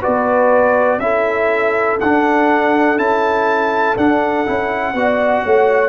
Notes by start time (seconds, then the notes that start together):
0.00 F#4 B4 D5
0.07 B3
0.98 C#4 E4 A4 E5
2.00 D4 F#5
2.97 C#4 E4 A5
3.96 D4 F#5
4.45 C#4 E4
4.93 B3 F#4 D5
5.44 A3 C#5